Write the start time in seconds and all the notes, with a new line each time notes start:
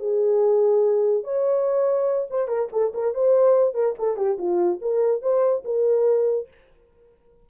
0.00 G#4
1.24 C#5
2.30 C5
2.48 A#4
2.73 A4
2.94 A#4
3.15 C5
3.75 A#4
3.99 A4
4.17 G4
4.39 F4
4.82 A#4
5.22 C5
5.65 A#4